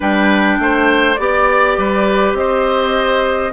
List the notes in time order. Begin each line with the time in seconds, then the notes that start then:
0.00 G3 D4 B4 G5
0.58 A3 C5
1.14 B3 G4 D5
1.77 G3 B4
2.33 C4 C5 D#5